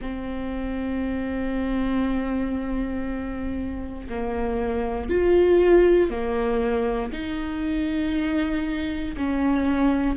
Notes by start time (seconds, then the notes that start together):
0.00 C4
4.09 A#3
5.09 F4
6.10 A#3
7.12 D#4
9.17 C#4